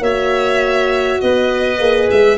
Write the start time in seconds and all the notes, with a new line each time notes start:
0.00 A#3 F#4 C#5 E5
1.21 B3 B4 D#5
1.79 A#3 G#4
2.11 G#3 E5